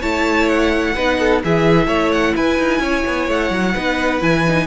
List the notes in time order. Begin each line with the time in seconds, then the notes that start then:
0.00 A3 E4 C#5 A5
0.48 F#5
0.94 B3 D#4 B4
1.19 A4
1.44 E3 E4 G#4 E5
1.87 A3 C#5
2.11 F#5
2.36 E4 B4 G#5
2.58 D#4
2.80 C#4 C#5
3.06 B3
3.28 A3 F#5
3.50 F#3
3.74 B3 D#4 B4
4.20 E3 E4 G#5
4.48 D#4